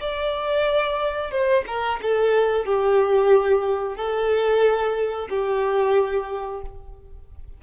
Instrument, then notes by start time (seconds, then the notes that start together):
violin
0.00 D5
1.31 C5
1.67 A#4
2.02 A4
2.65 G4
3.96 A4
5.29 G4